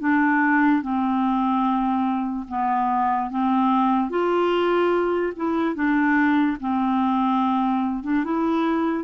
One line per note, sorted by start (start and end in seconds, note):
0.00 0.82 D4
0.82 2.47 C4
2.48 3.30 B3
3.30 4.10 C4
4.10 5.33 F4
5.36 5.75 E4
5.75 6.58 D4
6.60 8.04 C4
8.04 8.24 D4
8.24 9.04 E4